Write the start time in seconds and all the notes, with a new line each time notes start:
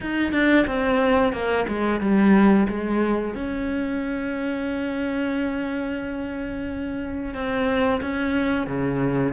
0.01 D#4
0.32 D4
0.66 C4
1.32 A#3
1.68 G#3
2.00 G3
2.68 G#3
3.35 C#4
7.34 C4
8.01 C#4
8.66 C#3